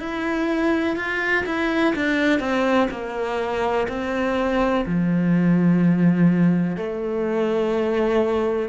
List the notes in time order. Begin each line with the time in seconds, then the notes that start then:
0.00 E4
0.97 F4
1.46 E4
1.96 D4
2.40 C4
2.91 A#3
3.89 C4
4.87 F3
6.77 A3